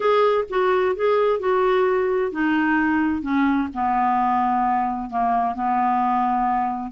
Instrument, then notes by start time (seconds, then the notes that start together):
clarinet
0.00 G#4
0.49 F#4
0.95 G#4
1.39 F#4
2.31 D#4
3.22 C#4
3.74 B3
5.10 A#3
5.54 B3